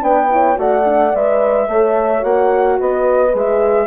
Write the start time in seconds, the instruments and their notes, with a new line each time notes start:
0.00 bassoon B3, horn D4 B4, flute G5
0.30 horn E4 C#5
0.55 bassoon A3, horn F#4 D5, flute F#5
0.85 horn D4
1.14 bassoon G#3, horn B4, flute E5
1.68 bassoon A3, horn A4 C#5
2.20 bassoon A#3, horn F#4, flute F#5
2.79 bassoon B3, horn B4, flute D#5
3.33 bassoon G#3, horn G#4, flute E5